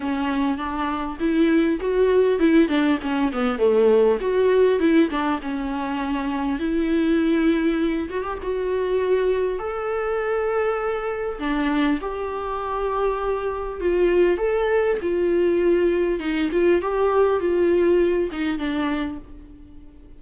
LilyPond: \new Staff \with { instrumentName = "viola" } { \time 4/4 \tempo 4 = 100 cis'4 d'4 e'4 fis'4 | e'8 d'8 cis'8 b8 a4 fis'4 | e'8 d'8 cis'2 e'4~ | e'4. fis'16 g'16 fis'2 |
a'2. d'4 | g'2. f'4 | a'4 f'2 dis'8 f'8 | g'4 f'4. dis'8 d'4 | }